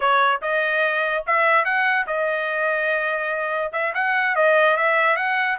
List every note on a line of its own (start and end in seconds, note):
0.00 0.41 C#5
0.41 1.24 D#5
1.26 1.64 E5
1.64 2.06 F#5
2.07 3.72 D#5
3.72 3.93 E5
3.94 4.35 F#5
4.35 4.76 D#5
4.76 5.16 E5
5.16 5.57 F#5